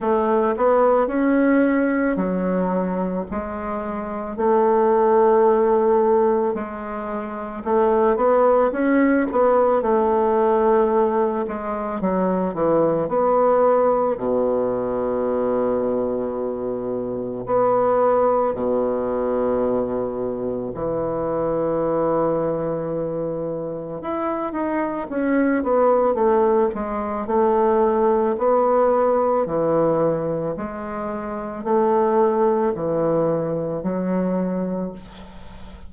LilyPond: \new Staff \with { instrumentName = "bassoon" } { \time 4/4 \tempo 4 = 55 a8 b8 cis'4 fis4 gis4 | a2 gis4 a8 b8 | cis'8 b8 a4. gis8 fis8 e8 | b4 b,2. |
b4 b,2 e4~ | e2 e'8 dis'8 cis'8 b8 | a8 gis8 a4 b4 e4 | gis4 a4 e4 fis4 | }